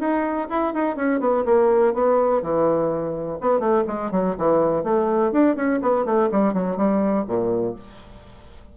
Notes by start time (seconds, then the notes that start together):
0.00 D#4
0.50 E4
0.74 D#4
0.97 C#4
1.21 B3
1.46 A#3
1.94 B3
2.42 E3
3.41 B3
3.60 A3
3.88 G#3
4.12 F#3
4.38 E3
4.84 A3
5.32 D4
5.56 C#4
5.83 B3
6.05 A3
6.32 G3
6.54 F#3
6.77 G3
7.28 A#2